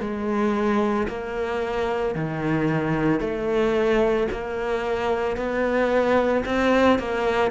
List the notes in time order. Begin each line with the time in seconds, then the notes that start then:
0.00 G#3
1.08 A#3
2.15 D#3
3.19 A3
4.31 A#3
5.36 B3
6.45 C4
6.99 A#3